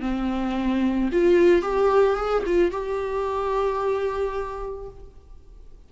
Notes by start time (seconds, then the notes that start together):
0.00 C4
1.12 F4
1.61 G4
2.16 G#4
2.45 F4
2.71 G4